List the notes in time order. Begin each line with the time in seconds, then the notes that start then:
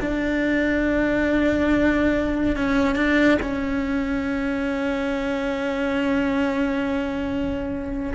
0.00 D4
2.56 C#4
2.95 D4
3.41 C#4